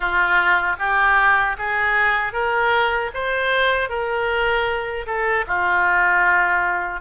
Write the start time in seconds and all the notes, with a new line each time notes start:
0.00 F4
0.78 G4
1.58 G#4
2.32 A#4
3.14 C5
3.89 A#4
5.06 A4
5.47 F4